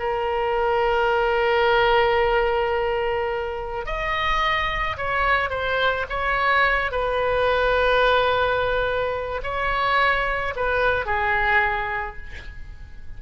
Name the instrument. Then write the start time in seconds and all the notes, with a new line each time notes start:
oboe
0.00 A#4
3.86 D#5
4.97 C#5
5.51 C5
6.10 C#5
6.92 B4
9.43 C#5
10.56 B4
11.06 G#4